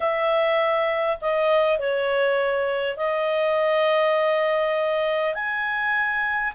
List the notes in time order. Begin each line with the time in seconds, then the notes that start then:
0.00 E5
1.21 D#5
1.78 C#5
2.96 D#5
5.34 G#5